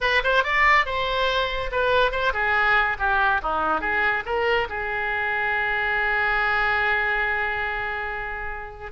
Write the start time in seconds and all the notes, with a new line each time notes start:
0.01 B4
0.23 C5
0.43 D5
0.85 C5
1.71 B4
2.11 C5
2.33 G#4
2.98 G4
3.42 D#4
3.81 G#4
4.25 A#4
4.69 G#4